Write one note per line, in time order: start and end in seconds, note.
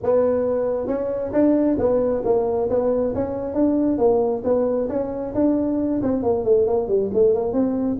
0.02 0.87 B3
0.87 1.31 C#4
1.32 1.77 D4
1.78 2.23 B3
2.24 2.69 A#3
2.69 3.14 B3
3.14 3.53 C#4
3.53 3.98 D4
3.98 4.42 A#3
4.44 4.88 B3
4.88 5.33 C#4
5.34 6.01 D4
6.02 6.22 C4
6.22 6.44 A#3
6.44 6.66 A3
6.66 6.88 A#3
6.88 7.10 G3
7.13 7.34 A3
7.34 7.53 A#3
7.53 7.97 C4